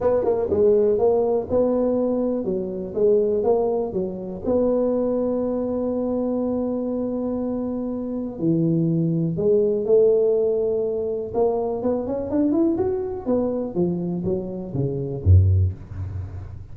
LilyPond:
\new Staff \with { instrumentName = "tuba" } { \time 4/4 \tempo 4 = 122 b8 ais8 gis4 ais4 b4~ | b4 fis4 gis4 ais4 | fis4 b2.~ | b1~ |
b4 e2 gis4 | a2. ais4 | b8 cis'8 d'8 e'8 fis'4 b4 | f4 fis4 cis4 fis,4 | }